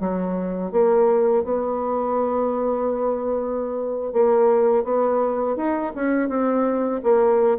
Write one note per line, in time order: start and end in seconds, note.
0.00 0.72 F#3
0.72 1.44 A#3
1.44 4.13 B3
4.13 4.84 A#3
4.84 5.56 B3
5.56 5.92 D#4
5.95 6.29 C#4
6.29 7.01 C4
7.04 7.58 A#3